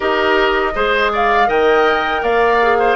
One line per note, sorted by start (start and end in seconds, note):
0.00 0.75 D#4
0.00 0.73 G4
0.00 0.72 A#4
0.00 1.11 D#5
0.75 1.48 G#3
0.75 1.46 G#4
0.75 1.12 C5
1.12 1.48 D5
1.12 1.49 F5
1.46 2.22 D#3
1.46 2.57 A#4
1.46 2.22 D#5
1.46 2.23 G5
2.22 2.96 A#3
2.22 2.77 D5
2.22 2.96 F5
2.62 2.96 G#4
2.78 2.96 C5